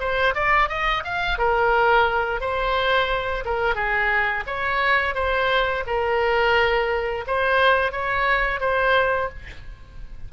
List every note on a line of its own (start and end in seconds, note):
0.00 0.34 C5
0.34 0.69 D5
0.69 1.04 D#5
1.04 1.39 F5
1.39 2.41 A#4
2.41 3.44 C5
3.45 3.75 A#4
3.75 4.44 G#4
4.47 5.15 C#5
5.15 5.84 C5
5.87 7.25 A#4
7.27 7.92 C5
7.92 8.60 C#5
8.60 9.29 C5